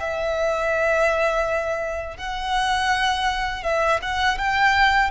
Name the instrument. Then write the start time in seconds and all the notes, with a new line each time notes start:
violin
0.00 E5
2.17 F#5
3.63 E5
4.02 F#5
4.38 G5